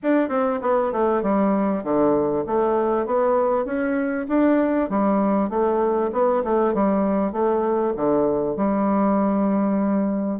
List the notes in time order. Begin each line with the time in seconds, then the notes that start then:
0.02 D4
0.29 C4
0.61 B3
0.92 A3
1.22 G3
1.83 D3
2.46 A3
3.06 B3
3.65 C#4
4.28 D4
4.89 G3
5.49 A3
6.12 B3
6.43 A3
6.74 G3
7.32 A3
7.96 D3
8.56 G3